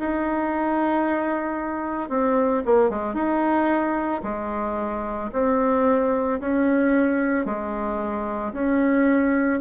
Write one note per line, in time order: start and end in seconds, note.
0.00 2.10 D#4
2.10 2.63 C4
2.66 2.90 A#3
2.90 3.15 G#3
3.15 4.22 D#4
4.24 5.31 G#3
5.33 6.40 C4
6.41 7.46 C#4
7.46 8.53 G#3
8.54 9.61 C#4